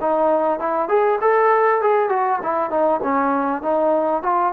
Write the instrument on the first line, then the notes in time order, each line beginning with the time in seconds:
trombone
0.00 D#4
0.59 E4
0.88 G#4
1.21 A4
1.81 G#4
2.09 F#4
2.42 E4
2.70 D#4
3.03 C#4
3.62 D#4
4.22 F4